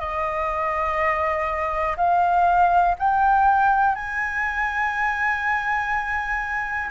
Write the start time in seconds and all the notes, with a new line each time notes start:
0.00 D#5
1.97 F5
2.99 G5
3.96 G#5